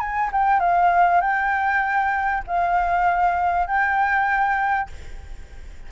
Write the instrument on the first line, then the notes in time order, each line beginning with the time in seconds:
flute
0.00 G#5
0.32 G5
0.60 F5
1.21 G5
2.47 F5
3.67 G5